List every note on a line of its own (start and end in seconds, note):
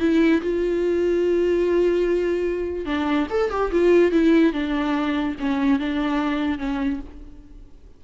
0.00 0.41 E4
0.42 2.86 F4
2.86 3.27 D4
3.30 3.51 A4
3.51 3.71 G4
3.72 4.12 F4
4.12 4.53 E4
4.53 5.36 D4
5.40 5.80 C#4
5.80 6.59 D4
6.59 7.00 C#4